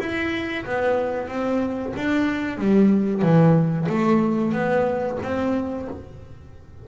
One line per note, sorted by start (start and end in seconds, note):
0.00 0.65 E4
0.66 1.28 B3
1.28 1.93 C4
1.97 2.58 D4
2.58 3.22 G3
3.22 3.87 E3
3.89 4.53 A3
4.53 5.18 B3
5.23 5.88 C4